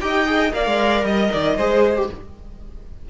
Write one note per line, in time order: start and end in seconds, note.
0.00 0.53 D#4
0.00 0.26 G4
0.00 0.54 D#5
0.00 0.52 G5
0.26 0.52 G#4
0.52 0.66 A#3
0.52 1.56 A#4
0.52 1.06 D5
0.52 1.04 F5
0.66 1.03 G#3
1.03 1.29 G3
1.03 2.08 D#5
1.03 1.32 D#5
1.32 1.57 D#3
1.32 1.57 D5
1.57 2.09 G#3
1.57 1.96 G#4
1.57 2.09 C5
1.96 2.09 G4